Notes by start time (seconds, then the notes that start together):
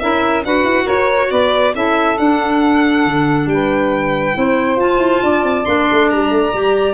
0.00 C#4 E4 A#4 E5
0.45 D4 F#4 B4 F#5
0.64 E4
0.84 F#4 A#4 C#5
1.31 B3 B4 D5
1.74 C#4 E4 A4 E5
2.18 D4 F#5
3.05 D3
3.46 G3 G5
3.53 B4
4.35 C4 E4 C5
4.76 F4 A5
4.98 E4
5.23 D4 D5
5.43 C4
5.65 A#3 D4 C6
5.92 A3
6.10 G3 A#5
6.30 A3
6.53 G3 G4